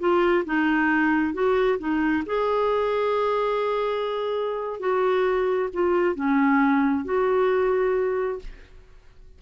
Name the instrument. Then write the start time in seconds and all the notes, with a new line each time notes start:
clarinet
0.00 F4
0.46 D#4
1.34 F#4
1.79 D#4
2.26 G#4
4.80 F#4
5.73 F4
6.15 C#4
7.05 F#4